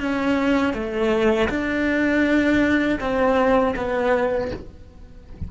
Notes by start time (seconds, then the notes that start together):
0.00 C#4
0.74 A3
1.49 D4
3.00 C4
3.76 B3